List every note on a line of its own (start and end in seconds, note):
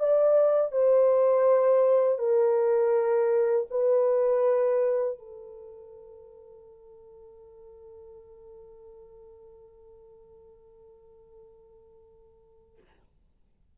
0.00 0.72 D5
0.72 2.19 C5
2.19 3.67 A#4
3.71 5.19 B4
5.19 12.78 A4